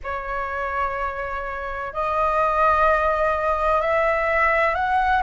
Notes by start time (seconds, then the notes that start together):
0.03 C#5
1.93 D#5
3.81 E5
4.74 F#5